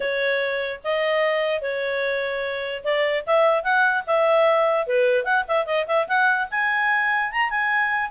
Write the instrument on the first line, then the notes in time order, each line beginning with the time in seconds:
clarinet
0.00 C#5
0.84 D#5
1.61 C#5
2.84 D5
3.26 E5
3.63 F#5
4.07 E5
4.86 B4
5.24 F#5
5.47 E5
5.66 D#5
5.87 E5
6.07 F#5
6.50 G#5
7.31 A#5
7.49 G#5